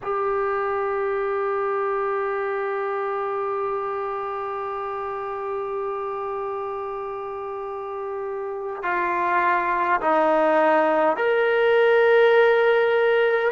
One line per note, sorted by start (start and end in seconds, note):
0.02 8.82 G4
8.82 10.00 F4
10.01 11.16 D#4
11.16 13.51 A#4